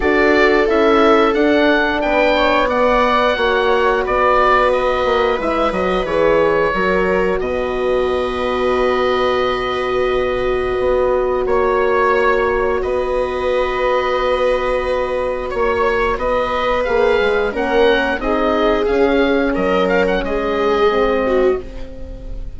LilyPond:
<<
  \new Staff \with { instrumentName = "oboe" } { \time 4/4 \tempo 4 = 89 d''4 e''4 fis''4 g''4 | fis''2 d''4 dis''4 | e''8 dis''8 cis''2 dis''4~ | dis''1~ |
dis''4 cis''2 dis''4~ | dis''2. cis''4 | dis''4 f''4 fis''4 dis''4 | f''4 dis''8 f''16 fis''16 dis''2 | }
  \new Staff \with { instrumentName = "viola" } { \time 4/4 a'2. b'8 cis''8 | d''4 cis''4 b'2~ | b'2 ais'4 b'4~ | b'1~ |
b'4 cis''2 b'4~ | b'2. cis''4 | b'2 ais'4 gis'4~ | gis'4 ais'4 gis'4. fis'8 | }
  \new Staff \with { instrumentName = "horn" } { \time 4/4 fis'4 e'4 d'2 | b4 fis'2. | e'8 fis'8 gis'4 fis'2~ | fis'1~ |
fis'1~ | fis'1~ | fis'4 gis'4 cis'4 dis'4 | cis'2. c'4 | }
  \new Staff \with { instrumentName = "bassoon" } { \time 4/4 d'4 cis'4 d'4 b4~ | b4 ais4 b4. ais8 | gis8 fis8 e4 fis4 b,4~ | b,1 |
b4 ais2 b4~ | b2. ais4 | b4 ais8 gis8 ais4 c'4 | cis'4 fis4 gis2 | }
>>